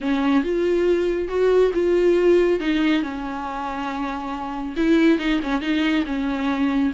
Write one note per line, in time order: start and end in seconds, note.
0.00 0.43 C#4
0.43 1.28 F4
1.28 1.71 F#4
1.74 2.60 F4
2.60 3.02 D#4
3.02 4.75 C#4
4.76 5.18 E4
5.18 5.40 D#4
5.43 5.61 C#4
5.61 6.04 D#4
6.06 6.92 C#4